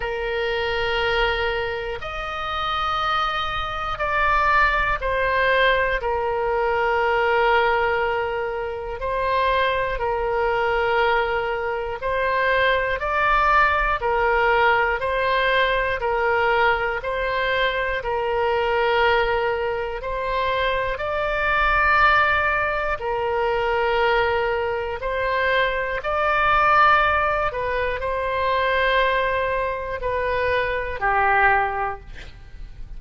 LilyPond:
\new Staff \with { instrumentName = "oboe" } { \time 4/4 \tempo 4 = 60 ais'2 dis''2 | d''4 c''4 ais'2~ | ais'4 c''4 ais'2 | c''4 d''4 ais'4 c''4 |
ais'4 c''4 ais'2 | c''4 d''2 ais'4~ | ais'4 c''4 d''4. b'8 | c''2 b'4 g'4 | }